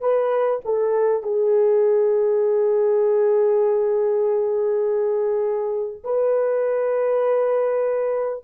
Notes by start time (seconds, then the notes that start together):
0.00 B4
0.65 A4
1.23 G#4
6.04 B4